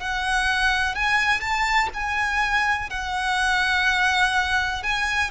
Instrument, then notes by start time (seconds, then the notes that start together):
violin
0.00 F#5
0.95 G#5
1.41 A5
1.94 G#5
2.90 F#5
4.83 G#5